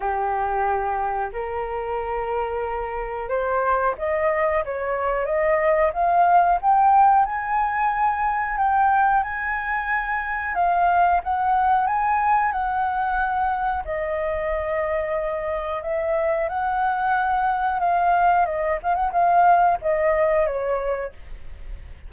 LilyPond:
\new Staff \with { instrumentName = "flute" } { \time 4/4 \tempo 4 = 91 g'2 ais'2~ | ais'4 c''4 dis''4 cis''4 | dis''4 f''4 g''4 gis''4~ | gis''4 g''4 gis''2 |
f''4 fis''4 gis''4 fis''4~ | fis''4 dis''2. | e''4 fis''2 f''4 | dis''8 f''16 fis''16 f''4 dis''4 cis''4 | }